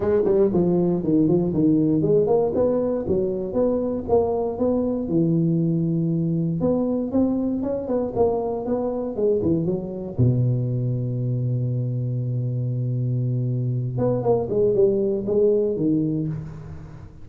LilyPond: \new Staff \with { instrumentName = "tuba" } { \time 4/4 \tempo 4 = 118 gis8 g8 f4 dis8 f8 dis4 | gis8 ais8 b4 fis4 b4 | ais4 b4 e2~ | e4 b4 c'4 cis'8 b8 |
ais4 b4 gis8 e8 fis4 | b,1~ | b,2.~ b,8 b8 | ais8 gis8 g4 gis4 dis4 | }